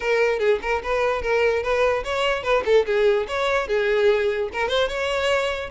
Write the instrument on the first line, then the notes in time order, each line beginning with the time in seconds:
violin
0.00 A#4
0.39 G#4
0.62 A#4
0.83 B4
1.22 A#4
1.62 B4
2.04 C#5
2.43 B4
2.65 A4
2.86 G#4
3.27 C#5
3.67 G#4
4.53 A#4
4.68 C5
4.88 C#5